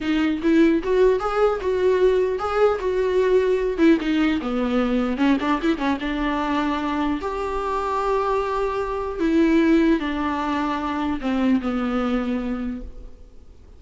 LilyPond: \new Staff \with { instrumentName = "viola" } { \time 4/4 \tempo 4 = 150 dis'4 e'4 fis'4 gis'4 | fis'2 gis'4 fis'4~ | fis'4. e'8 dis'4 b4~ | b4 cis'8 d'8 e'8 cis'8 d'4~ |
d'2 g'2~ | g'2. e'4~ | e'4 d'2. | c'4 b2. | }